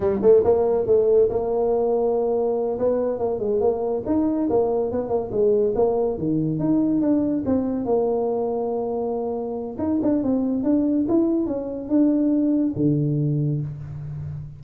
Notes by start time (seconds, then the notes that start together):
0.00 G3
0.22 A3
0.44 A#3
0.86 A3
1.29 A#3
2.78 B3
3.18 A#3
3.39 G#3
3.60 A#3
4.06 D#4
4.49 A#3
4.91 B3
5.09 A#3
5.31 G#3
5.75 A#3
6.17 D#3
6.59 D#4
7.01 D4
7.45 C4
7.85 A#3
9.78 D#4
10.02 D4
10.23 C4
10.63 D4
11.08 E4
11.46 C#4
11.88 D4
12.76 D3